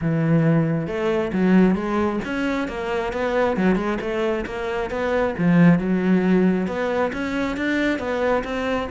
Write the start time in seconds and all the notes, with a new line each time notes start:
0.01 E3
0.87 A3
1.33 F#3
1.75 G#3
2.24 C#4
2.68 A#3
3.12 B3
3.56 F#3
3.75 G#3
4.00 A3
4.46 A#3
4.90 B3
5.38 F3
5.78 F#3
6.67 B3
7.12 C#4
7.56 D4
7.98 B3
8.44 C4